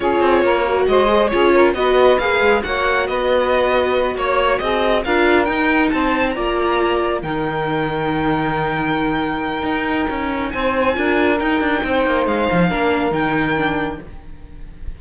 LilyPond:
<<
  \new Staff \with { instrumentName = "violin" } { \time 4/4 \tempo 4 = 137 cis''2 dis''4 cis''4 | dis''4 f''4 fis''4 dis''4~ | dis''4. cis''4 dis''4 f''8~ | f''8 g''4 a''4 ais''4.~ |
ais''8 g''2.~ g''8~ | g''1 | gis''2 g''2 | f''2 g''2 | }
  \new Staff \with { instrumentName = "saxophone" } { \time 4/4 gis'4 ais'4 c''4 gis'8 ais'8 | b'2 cis''4 b'4~ | b'4. cis''4 gis'4 ais'8~ | ais'4. c''4 d''4.~ |
d''8 ais'2.~ ais'8~ | ais'1 | c''4 ais'2 c''4~ | c''4 ais'2. | }
  \new Staff \with { instrumentName = "viola" } { \time 4/4 f'4. fis'4 gis'8 f'4 | fis'4 gis'4 fis'2~ | fis'2.~ fis'8 f'8~ | f'8 dis'2 f'4.~ |
f'8 dis'2.~ dis'8~ | dis'1~ | dis'4 f'4 dis'2~ | dis'4 d'4 dis'4 d'4 | }
  \new Staff \with { instrumentName = "cello" } { \time 4/4 cis'8 c'8 ais4 gis4 cis'4 | b4 ais8 gis8 ais4 b4~ | b4. ais4 c'4 d'8~ | d'8 dis'4 c'4 ais4.~ |
ais8 dis2.~ dis8~ | dis2 dis'4 cis'4 | c'4 d'4 dis'8 d'8 c'8 ais8 | gis8 f8 ais4 dis2 | }
>>